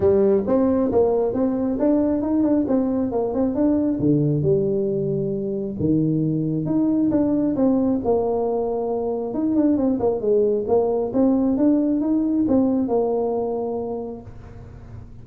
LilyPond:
\new Staff \with { instrumentName = "tuba" } { \time 4/4 \tempo 4 = 135 g4 c'4 ais4 c'4 | d'4 dis'8 d'8 c'4 ais8 c'8 | d'4 d4 g2~ | g4 dis2 dis'4 |
d'4 c'4 ais2~ | ais4 dis'8 d'8 c'8 ais8 gis4 | ais4 c'4 d'4 dis'4 | c'4 ais2. | }